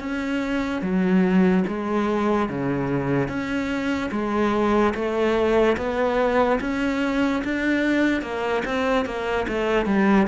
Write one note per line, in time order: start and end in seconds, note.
0.00 0.82 C#4
0.82 1.64 F#3
1.67 2.49 G#3
2.49 3.28 C#3
3.28 4.10 C#4
4.12 4.94 G#3
4.95 5.77 A3
5.77 6.59 B3
6.61 7.43 C#4
7.44 8.22 D4
8.22 8.63 A#3
8.65 9.05 C4
9.05 9.46 A#3
9.48 9.86 A3
9.86 10.27 G3